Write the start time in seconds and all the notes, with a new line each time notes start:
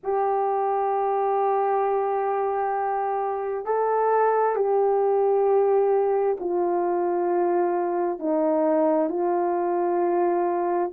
0.03 G4
3.65 A4
4.55 G4
6.40 F4
8.19 D#4
9.09 F4